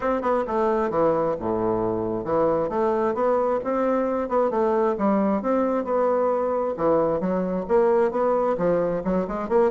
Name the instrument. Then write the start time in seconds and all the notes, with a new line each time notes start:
bassoon
0.00 C4
0.21 B3
0.47 A3
0.90 E3
1.39 A2
2.24 E3
2.69 A3
3.14 B3
3.64 C4
4.29 B3
4.50 A3
4.97 G3
5.41 C4
5.84 B3
6.76 E3
7.20 F#3
7.68 A#3
8.11 B3
8.57 F3
9.04 F#3
9.27 G#3
9.48 A#3